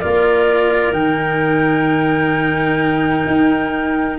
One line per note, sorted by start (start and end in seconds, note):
0.00 0.92 A#3
0.00 0.93 F4
0.00 4.19 A#4
0.00 0.93 D5
0.92 3.25 D#3
0.92 4.18 D#4
0.92 4.19 G5
3.27 4.19 D#4